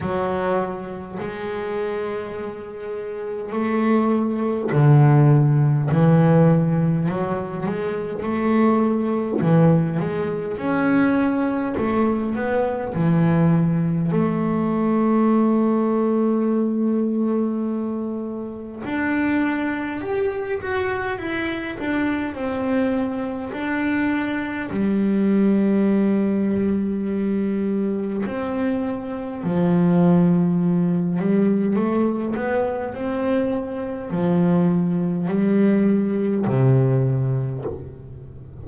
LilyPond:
\new Staff \with { instrumentName = "double bass" } { \time 4/4 \tempo 4 = 51 fis4 gis2 a4 | d4 e4 fis8 gis8 a4 | e8 gis8 cis'4 a8 b8 e4 | a1 |
d'4 g'8 fis'8 e'8 d'8 c'4 | d'4 g2. | c'4 f4. g8 a8 b8 | c'4 f4 g4 c4 | }